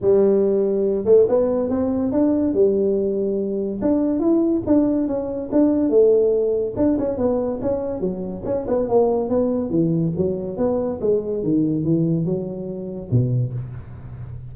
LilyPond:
\new Staff \with { instrumentName = "tuba" } { \time 4/4 \tempo 4 = 142 g2~ g8 a8 b4 | c'4 d'4 g2~ | g4 d'4 e'4 d'4 | cis'4 d'4 a2 |
d'8 cis'8 b4 cis'4 fis4 | cis'8 b8 ais4 b4 e4 | fis4 b4 gis4 dis4 | e4 fis2 b,4 | }